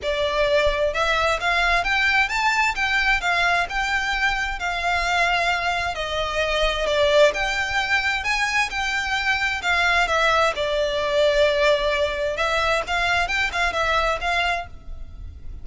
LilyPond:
\new Staff \with { instrumentName = "violin" } { \time 4/4 \tempo 4 = 131 d''2 e''4 f''4 | g''4 a''4 g''4 f''4 | g''2 f''2~ | f''4 dis''2 d''4 |
g''2 gis''4 g''4~ | g''4 f''4 e''4 d''4~ | d''2. e''4 | f''4 g''8 f''8 e''4 f''4 | }